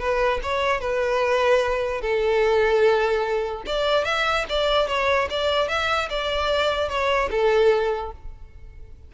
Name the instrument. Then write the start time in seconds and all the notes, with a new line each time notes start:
violin
0.00 B4
0.43 C#5
0.81 B4
2.02 A4
3.66 D5
4.05 E5
4.49 D5
4.88 C#5
5.30 D5
5.69 E5
6.10 D5
6.89 C#5
7.31 A4